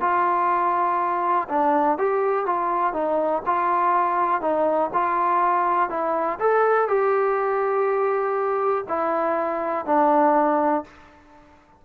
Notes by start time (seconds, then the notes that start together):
0.00 F4
1.49 D4
1.98 G4
2.46 F4
2.93 D#4
3.46 F4
4.41 D#4
4.93 F4
5.89 E4
6.39 A4
6.87 G4
8.88 E4
9.85 D4